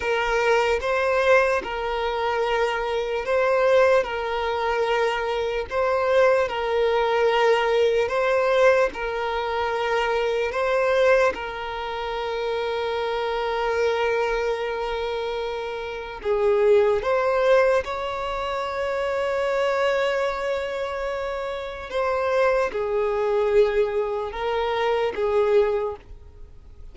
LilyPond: \new Staff \with { instrumentName = "violin" } { \time 4/4 \tempo 4 = 74 ais'4 c''4 ais'2 | c''4 ais'2 c''4 | ais'2 c''4 ais'4~ | ais'4 c''4 ais'2~ |
ais'1 | gis'4 c''4 cis''2~ | cis''2. c''4 | gis'2 ais'4 gis'4 | }